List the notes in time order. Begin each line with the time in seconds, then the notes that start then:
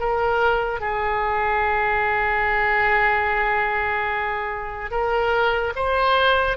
0.00 A#4
0.81 G#4
4.91 A#4
5.76 C5